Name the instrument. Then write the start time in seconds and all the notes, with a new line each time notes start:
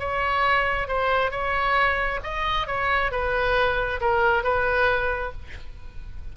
oboe
0.00 C#5
0.88 C5
1.32 C#5
2.24 D#5
2.68 C#5
3.12 B4
4.01 A#4
4.44 B4